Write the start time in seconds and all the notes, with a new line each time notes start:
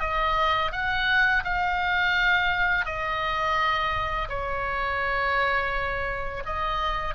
0.00 D#5
0.72 F#5
1.44 F5
2.85 D#5
4.29 C#5
6.45 D#5